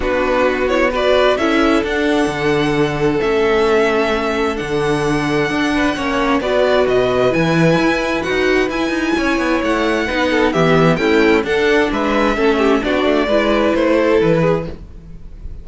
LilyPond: <<
  \new Staff \with { instrumentName = "violin" } { \time 4/4 \tempo 4 = 131 b'4. cis''8 d''4 e''4 | fis''2. e''4~ | e''2 fis''2~ | fis''2 d''4 dis''4 |
gis''2 fis''4 gis''4~ | gis''4 fis''2 e''4 | g''4 fis''4 e''2 | d''2 c''4 b'4 | }
  \new Staff \with { instrumentName = "violin" } { \time 4/4 fis'2 b'4 a'4~ | a'1~ | a'1~ | a'8 b'8 cis''4 b'2~ |
b'1 | cis''2 b'8 a'8 g'4 | e'4 a'4 b'4 a'8 g'8 | fis'4 b'4. a'4 gis'8 | }
  \new Staff \with { instrumentName = "viola" } { \time 4/4 d'4. e'8 fis'4 e'4 | d'2. cis'4~ | cis'2 d'2~ | d'4 cis'4 fis'2 |
e'2 fis'4 e'4~ | e'2 dis'4 b4 | a4 d'2 cis'4 | d'4 e'2. | }
  \new Staff \with { instrumentName = "cello" } { \time 4/4 b2. cis'4 | d'4 d2 a4~ | a2 d2 | d'4 ais4 b4 b,4 |
e4 e'4 dis'4 e'8 dis'8 | cis'8 b8 a4 b4 e4 | cis'4 d'4 gis4 a4 | b8 a8 gis4 a4 e4 | }
>>